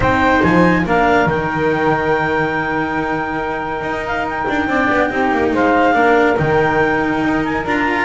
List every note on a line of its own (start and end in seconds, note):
0.00 0.41 C4
0.00 0.84 D#4
0.00 0.82 C5
0.00 0.43 G5
0.43 0.85 F3
0.43 0.85 G#5
0.85 1.26 A#3
0.85 1.28 D4
0.85 4.68 A#4
0.85 1.29 F5
1.26 3.81 D#3
1.26 4.68 D#4
1.26 4.06 G5
3.81 4.45 D#4
4.06 4.27 F5
4.29 5.55 G5
4.48 4.67 D4
4.67 4.88 C4
4.67 5.09 D4
4.67 5.08 D5
4.89 5.10 B3
5.08 5.31 C4
5.08 5.92 D#4
5.08 5.51 G4
5.31 5.52 A#3
5.52 5.94 G#3
5.52 5.94 C5
5.52 6.37 F5
5.92 6.37 A#3
5.92 6.35 D4
5.92 8.05 A#4
6.37 7.23 D#3
6.37 7.65 D#4
6.37 7.43 G5
7.23 7.65 D#4
7.44 7.65 G#5
7.65 8.05 D4
7.65 8.05 F4
7.65 8.05 A#5